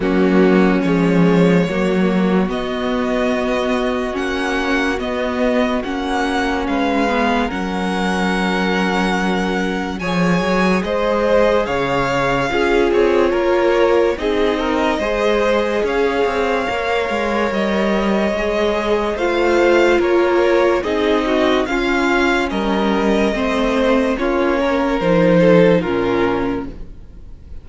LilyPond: <<
  \new Staff \with { instrumentName = "violin" } { \time 4/4 \tempo 4 = 72 fis'4 cis''2 dis''4~ | dis''4 fis''4 dis''4 fis''4 | f''4 fis''2. | gis''4 dis''4 f''4. cis''8~ |
cis''4 dis''2 f''4~ | f''4 dis''2 f''4 | cis''4 dis''4 f''4 dis''4~ | dis''4 cis''4 c''4 ais'4 | }
  \new Staff \with { instrumentName = "violin" } { \time 4/4 cis'2 fis'2~ | fis'1 | b'4 ais'2. | cis''4 c''4 cis''4 gis'4 |
ais'4 gis'8 ais'8 c''4 cis''4~ | cis''2. c''4 | ais'4 gis'8 fis'8 f'4 ais'4 | c''4 f'8 ais'4 a'8 f'4 | }
  \new Staff \with { instrumentName = "viola" } { \time 4/4 ais4 gis4 ais4 b4~ | b4 cis'4 b4 cis'4~ | cis'8 b8 cis'2. | gis'2. f'4~ |
f'4 dis'4 gis'2 | ais'2 gis'4 f'4~ | f'4 dis'4 cis'2 | c'4 cis'4 dis'4 cis'4 | }
  \new Staff \with { instrumentName = "cello" } { \time 4/4 fis4 f4 fis4 b4~ | b4 ais4 b4 ais4 | gis4 fis2. | f8 fis8 gis4 cis4 cis'8 c'8 |
ais4 c'4 gis4 cis'8 c'8 | ais8 gis8 g4 gis4 a4 | ais4 c'4 cis'4 g4 | a4 ais4 f4 ais,4 | }
>>